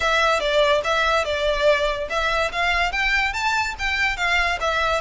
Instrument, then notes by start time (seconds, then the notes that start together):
violin
0.00 E5
0.40 D5
0.84 E5
1.24 D5
2.09 E5
2.52 F5
2.92 G5
3.33 A5
3.78 G5
4.16 F5
4.60 E5